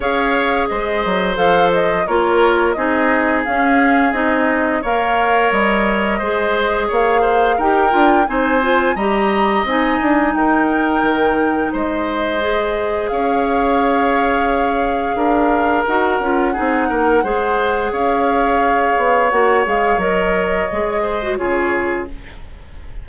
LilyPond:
<<
  \new Staff \with { instrumentName = "flute" } { \time 4/4 \tempo 4 = 87 f''4 dis''4 f''8 dis''8 cis''4 | dis''4 f''4 dis''4 f''4 | dis''2 f''4 g''4 | gis''4 ais''4 gis''4 g''4~ |
g''4 dis''2 f''4~ | f''2. fis''4~ | fis''2 f''2 | fis''8 f''8 dis''2 cis''4 | }
  \new Staff \with { instrumentName = "oboe" } { \time 4/4 cis''4 c''2 ais'4 | gis'2. cis''4~ | cis''4 c''4 cis''8 c''8 ais'4 | c''4 dis''2 ais'4~ |
ais'4 c''2 cis''4~ | cis''2 ais'2 | gis'8 ais'8 c''4 cis''2~ | cis''2~ cis''8 c''8 gis'4 | }
  \new Staff \with { instrumentName = "clarinet" } { \time 4/4 gis'2 a'4 f'4 | dis'4 cis'4 dis'4 ais'4~ | ais'4 gis'2 g'8 f'8 | dis'8 f'8 g'4 dis'2~ |
dis'2 gis'2~ | gis'2. fis'8 f'8 | dis'4 gis'2. | fis'8 gis'8 ais'4 gis'8. fis'16 f'4 | }
  \new Staff \with { instrumentName = "bassoon" } { \time 4/4 cis'4 gis8 fis8 f4 ais4 | c'4 cis'4 c'4 ais4 | g4 gis4 ais4 dis'8 d'8 | c'4 g4 c'8 d'8 dis'4 |
dis4 gis2 cis'4~ | cis'2 d'4 dis'8 cis'8 | c'8 ais8 gis4 cis'4. b8 | ais8 gis8 fis4 gis4 cis4 | }
>>